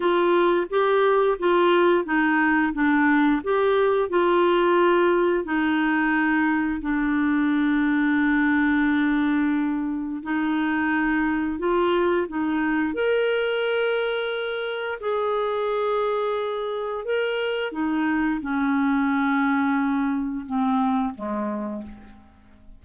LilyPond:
\new Staff \with { instrumentName = "clarinet" } { \time 4/4 \tempo 4 = 88 f'4 g'4 f'4 dis'4 | d'4 g'4 f'2 | dis'2 d'2~ | d'2. dis'4~ |
dis'4 f'4 dis'4 ais'4~ | ais'2 gis'2~ | gis'4 ais'4 dis'4 cis'4~ | cis'2 c'4 gis4 | }